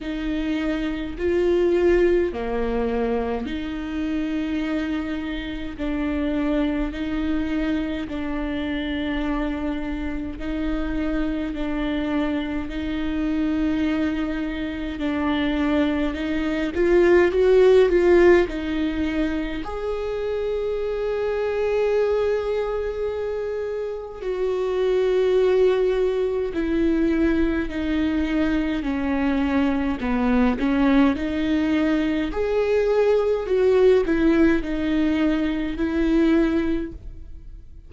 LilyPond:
\new Staff \with { instrumentName = "viola" } { \time 4/4 \tempo 4 = 52 dis'4 f'4 ais4 dis'4~ | dis'4 d'4 dis'4 d'4~ | d'4 dis'4 d'4 dis'4~ | dis'4 d'4 dis'8 f'8 fis'8 f'8 |
dis'4 gis'2.~ | gis'4 fis'2 e'4 | dis'4 cis'4 b8 cis'8 dis'4 | gis'4 fis'8 e'8 dis'4 e'4 | }